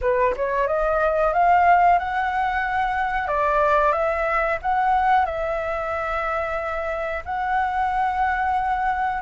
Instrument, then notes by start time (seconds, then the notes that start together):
flute
0.01 B4
0.36 C#5
0.67 D#5
1.33 F5
1.98 F#5
3.27 D5
3.92 E5
4.62 F#5
5.25 E5
7.25 F#5